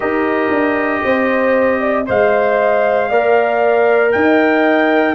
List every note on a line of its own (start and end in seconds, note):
0.00 0.50 D#4
0.00 2.05 G4
0.00 1.02 A#4
0.00 2.06 D#5
0.50 1.02 D4
1.03 2.08 C4
1.03 1.80 C5
1.80 2.06 D5
2.06 3.11 G#3
2.06 3.09 C5
2.06 3.09 D#5
2.06 4.11 F5
3.09 4.14 A#3
3.09 5.15 A#4
3.09 4.12 D5
4.11 5.15 D#4
4.11 5.15 D#5
4.11 5.15 G5